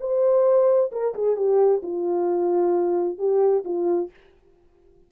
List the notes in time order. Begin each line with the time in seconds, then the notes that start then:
0.00 C5
0.92 A#4
1.14 G#4
1.36 G4
1.82 F4
3.18 G4
3.64 F4